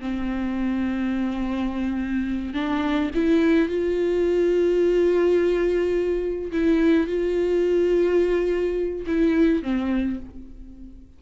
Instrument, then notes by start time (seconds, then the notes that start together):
viola
0.00 C4
2.54 D4
3.15 E4
3.69 F4
6.52 E4
7.08 F4
9.07 E4
9.63 C4